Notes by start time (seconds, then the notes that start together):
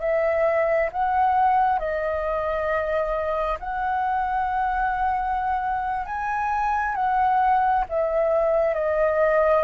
0.00 E5
0.92 F#5
1.79 D#5
3.59 F#5
6.05 G#5
6.95 F#5
7.89 E5
8.74 D#5